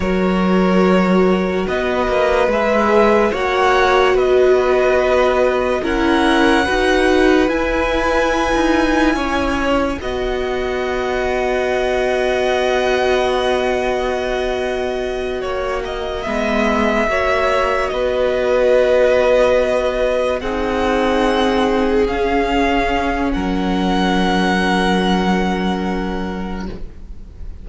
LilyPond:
<<
  \new Staff \with { instrumentName = "violin" } { \time 4/4 \tempo 4 = 72 cis''2 dis''4 e''4 | fis''4 dis''2 fis''4~ | fis''4 gis''2. | fis''1~ |
fis''2.~ fis''8 e''8~ | e''4. dis''2~ dis''8~ | dis''8 fis''2 f''4. | fis''1 | }
  \new Staff \with { instrumentName = "violin" } { \time 4/4 ais'2 b'2 | cis''4 b'2 ais'4 | b'2. cis''4 | dis''1~ |
dis''2~ dis''8 cis''8 dis''4~ | dis''8 cis''4 b'2~ b'8~ | b'8 gis'2.~ gis'8 | ais'1 | }
  \new Staff \with { instrumentName = "viola" } { \time 4/4 fis'2. gis'4 | fis'2. e'4 | fis'4 e'2. | fis'1~ |
fis'2.~ fis'8 b8~ | b8 fis'2.~ fis'8~ | fis'8 dis'2 cis'4.~ | cis'1 | }
  \new Staff \with { instrumentName = "cello" } { \time 4/4 fis2 b8 ais8 gis4 | ais4 b2 cis'4 | dis'4 e'4~ e'16 dis'8. cis'4 | b1~ |
b2~ b8 ais4 gis8~ | gis8 ais4 b2~ b8~ | b8 c'2 cis'4. | fis1 | }
>>